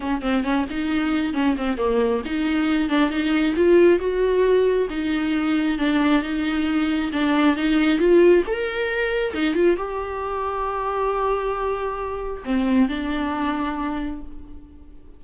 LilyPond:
\new Staff \with { instrumentName = "viola" } { \time 4/4 \tempo 4 = 135 cis'8 c'8 cis'8 dis'4. cis'8 c'8 | ais4 dis'4. d'8 dis'4 | f'4 fis'2 dis'4~ | dis'4 d'4 dis'2 |
d'4 dis'4 f'4 ais'4~ | ais'4 dis'8 f'8 g'2~ | g'1 | c'4 d'2. | }